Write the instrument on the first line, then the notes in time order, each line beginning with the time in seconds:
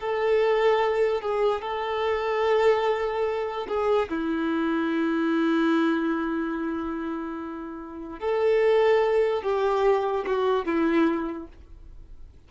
violin
0.00 A4
1.22 G#4
1.62 A4
3.68 G#4
4.09 E4
8.20 A4
9.43 G4
10.27 F#4
10.66 E4